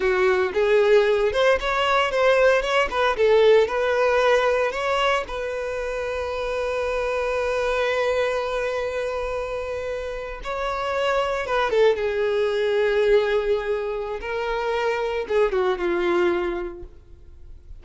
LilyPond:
\new Staff \with { instrumentName = "violin" } { \time 4/4 \tempo 4 = 114 fis'4 gis'4. c''8 cis''4 | c''4 cis''8 b'8 a'4 b'4~ | b'4 cis''4 b'2~ | b'1~ |
b'2.~ b'8. cis''16~ | cis''4.~ cis''16 b'8 a'8 gis'4~ gis'16~ | gis'2. ais'4~ | ais'4 gis'8 fis'8 f'2 | }